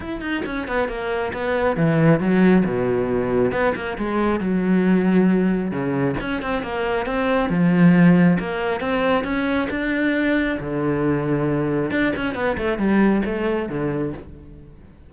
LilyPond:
\new Staff \with { instrumentName = "cello" } { \time 4/4 \tempo 4 = 136 e'8 dis'8 cis'8 b8 ais4 b4 | e4 fis4 b,2 | b8 ais8 gis4 fis2~ | fis4 cis4 cis'8 c'8 ais4 |
c'4 f2 ais4 | c'4 cis'4 d'2 | d2. d'8 cis'8 | b8 a8 g4 a4 d4 | }